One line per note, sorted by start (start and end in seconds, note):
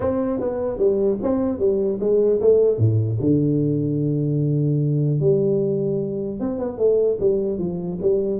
0.00 0.39 C4
0.39 0.78 B3
0.78 1.18 G3
1.22 1.58 C4
1.58 1.98 G3
2.00 2.40 G#3
2.40 2.78 A3
2.78 3.18 A2
3.20 5.19 D3
5.19 6.39 G3
6.40 6.58 C4
6.58 6.78 B3
6.78 7.18 A3
7.20 7.58 G3
7.58 7.98 F3
8.01 8.39 G3